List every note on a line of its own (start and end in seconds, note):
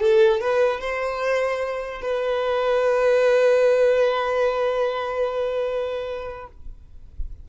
0.00 0.40 A4
0.40 0.80 B4
0.80 2.01 C5
2.01 6.47 B4